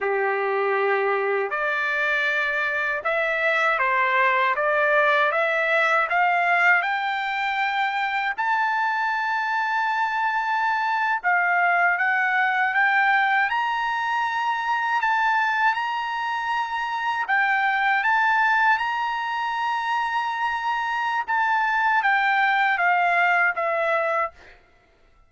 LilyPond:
\new Staff \with { instrumentName = "trumpet" } { \time 4/4 \tempo 4 = 79 g'2 d''2 | e''4 c''4 d''4 e''4 | f''4 g''2 a''4~ | a''2~ a''8. f''4 fis''16~ |
fis''8. g''4 ais''2 a''16~ | a''8. ais''2 g''4 a''16~ | a''8. ais''2.~ ais''16 | a''4 g''4 f''4 e''4 | }